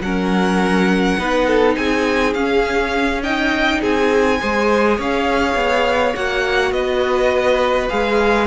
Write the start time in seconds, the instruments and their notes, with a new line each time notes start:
0.00 cello F#3, viola C#4, violin A#4 F#5
1.18 cello B3, viola D#4, violin B4
1.47 violin A4
1.75 cello C4, violin G#4 G#5
2.34 cello C#4, viola C#4, violin F5
3.23 viola D#4, violin D#5 G5
3.80 cello C4, violin G#4 G#5
4.40 cello G#3, viola G#4, violin C5
4.97 cello C#4, violin C#5 F5
5.55 cello B3
6.14 cello A#3, viola F#4, violin F#5
6.71 cello B3, violin B4 D#5
7.89 cello G#3, viola G#4, violin F5